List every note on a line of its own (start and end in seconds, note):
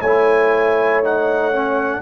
0.00 2.00 A3
0.00 1.03 E4
0.00 2.01 C#5
0.00 1.01 G#5
1.03 1.52 D#4
1.03 2.01 F#5
1.52 2.01 C#4